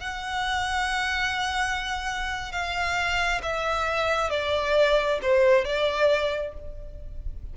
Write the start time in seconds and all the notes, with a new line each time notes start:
0.00 F#5
2.52 F5
3.43 E5
4.30 D5
5.22 C5
5.65 D5